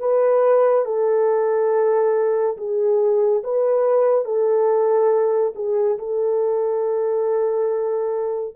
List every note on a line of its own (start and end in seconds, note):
0.00 0.86 B4
0.86 2.57 A4
2.58 3.43 G#4
3.44 4.25 B4
4.25 5.54 A4
5.56 5.98 G#4
5.99 8.56 A4